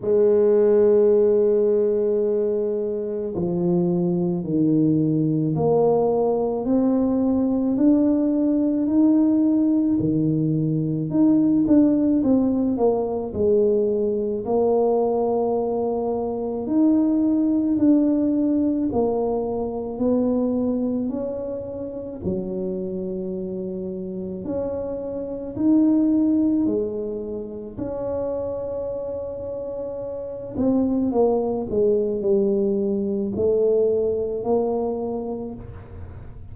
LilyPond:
\new Staff \with { instrumentName = "tuba" } { \time 4/4 \tempo 4 = 54 gis2. f4 | dis4 ais4 c'4 d'4 | dis'4 dis4 dis'8 d'8 c'8 ais8 | gis4 ais2 dis'4 |
d'4 ais4 b4 cis'4 | fis2 cis'4 dis'4 | gis4 cis'2~ cis'8 c'8 | ais8 gis8 g4 a4 ais4 | }